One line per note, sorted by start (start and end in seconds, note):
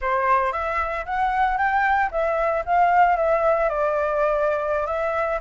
0.01 0.52 C5
0.52 1.05 E5
1.05 1.57 F#5
1.57 2.10 G5
2.11 2.64 E5
2.65 3.17 F5
3.17 3.69 E5
3.69 4.86 D5
4.86 5.39 E5